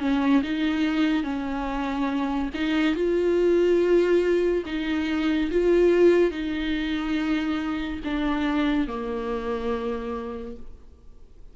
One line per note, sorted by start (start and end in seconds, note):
0.00 0.42 C#4
0.43 1.24 D#4
1.24 2.50 C#4
2.55 2.95 D#4
2.95 4.64 F4
4.66 5.50 D#4
5.51 6.31 F4
6.31 8.00 D#4
8.04 8.88 D4
8.88 10.57 A#3